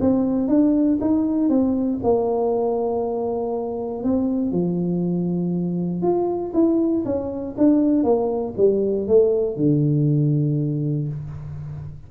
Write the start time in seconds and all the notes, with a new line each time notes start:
0.00 C4
0.47 D4
1.00 D#4
1.49 C4
2.03 A#3
4.03 C4
4.51 F3
6.02 F4
6.53 E4
7.05 C#4
7.57 D4
8.03 A#3
8.57 G3
9.07 A3
9.56 D3